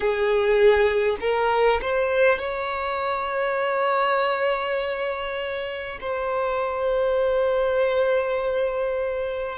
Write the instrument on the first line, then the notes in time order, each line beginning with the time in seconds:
violin
0.00 G#4
1.20 A#4
1.81 C5
2.38 C#5
6.01 C5